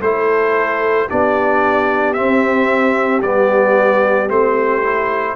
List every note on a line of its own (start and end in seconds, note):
0.00 1.07 A3
0.00 1.08 E4
0.00 1.09 A4
0.00 1.09 C5
1.08 2.18 B3
1.08 2.15 D4
1.08 5.36 G4
1.08 2.13 D5
2.13 3.22 C4
2.13 3.20 E5
3.21 4.28 G3
3.21 4.29 B3
3.21 4.29 D5
4.28 5.35 A3
4.28 4.82 C4
4.28 5.36 C5
4.82 5.36 E4